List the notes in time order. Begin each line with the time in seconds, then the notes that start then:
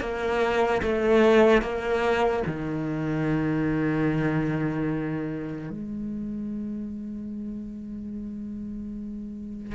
0.00 A#3
0.82 A3
1.61 A#3
2.46 D#3
5.70 G#3